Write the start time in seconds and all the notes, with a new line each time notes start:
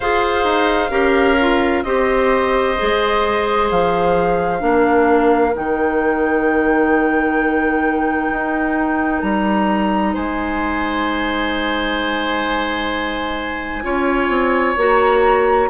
0.00 F4 G#4 C5 F5
0.43 D#4
0.90 C#4 G4 A#4
1.40 F4
1.83 C4 G4 C5 D#5
2.77 G#3 G#4
3.70 F3 F5
4.59 A#3 D4 A#4
5.53 D#3 D#4 G5
8.30 D#4
9.21 G3 A#5
10.14 G#3 C5 G#5
13.83 C#4 F4 C#5
14.28 C4
14.76 A#3 F#4 A#5